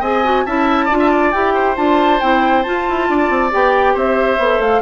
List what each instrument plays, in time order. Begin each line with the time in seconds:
0.00 bassoon C4, clarinet G#4, oboe D#5, flute G#5
0.24 clarinet F#4
0.45 bassoon C#4, clarinet E4, oboe E5, flute A5
0.85 clarinet F4, oboe D5
0.91 bassoon D4
0.99 oboe E5
1.10 oboe D5
1.31 bassoon E4, clarinet G4, flute G5
1.54 oboe C5
1.76 bassoon D4, clarinet F4, flute A5
2.20 bassoon C4, clarinet E4, flute G5
2.63 clarinet F4, bassoon F4, flute A5
2.89 bassoon E4
3.09 bassoon D4, oboe D5
3.30 bassoon C4
3.50 bassoon B3, clarinet G4, flute G5
3.94 bassoon C4, oboe C5, flute E5
4.38 bassoon B3, clarinet A4
4.59 bassoon A3, flute F5